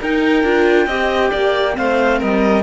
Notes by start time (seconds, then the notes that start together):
0.00 D#4 A#4 G5
0.43 D4 F4
0.86 C4 G4 D#5
1.30 A#3 D5
1.72 A3 C4 C5 F5
2.18 G3 A#4 D#5